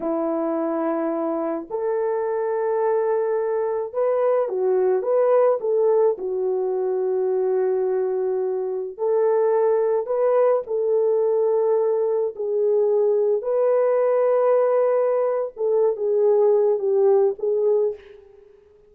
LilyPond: \new Staff \with { instrumentName = "horn" } { \time 4/4 \tempo 4 = 107 e'2. a'4~ | a'2. b'4 | fis'4 b'4 a'4 fis'4~ | fis'1 |
a'2 b'4 a'4~ | a'2 gis'2 | b'2.~ b'8. a'16~ | a'8 gis'4. g'4 gis'4 | }